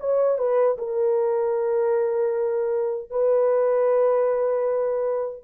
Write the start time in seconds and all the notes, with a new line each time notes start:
0.00 C#5
0.38 B4
0.79 A#4
3.11 B4